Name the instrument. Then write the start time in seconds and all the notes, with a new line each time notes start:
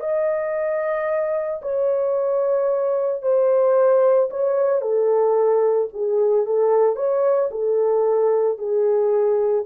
horn
0.00 D#5
1.62 C#5
3.22 C5
4.30 C#5
4.81 A4
5.93 G#4
6.46 A4
6.95 C#5
7.51 A4
8.58 G#4